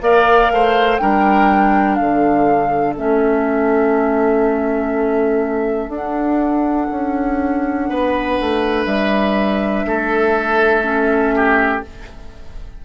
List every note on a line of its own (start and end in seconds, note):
0.00 0.50 A#3
0.00 0.98 A#4
0.00 0.51 D5
0.00 0.98 F5
0.50 0.99 A3
0.50 1.01 C5
0.98 1.99 G3
0.98 2.96 D4
0.98 1.99 A#4
0.98 1.95 G5
1.95 2.97 D3
1.95 7.89 A4
1.95 2.93 F5
2.97 5.88 A3
2.97 5.92 C#4
2.97 5.90 E5
5.88 6.86 D4
5.88 10.83 D4
5.88 8.85 F#5
6.91 7.89 C#4
7.89 8.38 B3
7.89 9.85 B4
8.40 8.85 A3
8.85 9.84 G3
8.85 11.80 E5
9.84 11.81 A3
9.84 11.34 A4
10.83 11.81 C#4
11.35 11.84 G4